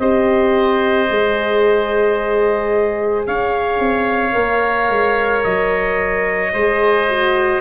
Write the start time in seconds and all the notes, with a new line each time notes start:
0.00 C4 G4 C5 D#5
1.09 G#3 G#4
3.27 C#4 C#5 F5
3.80 C4
4.32 A#3 A#4
4.90 G#3
5.44 F#3 D#5
6.53 G#3 G#4 C5
7.09 F#4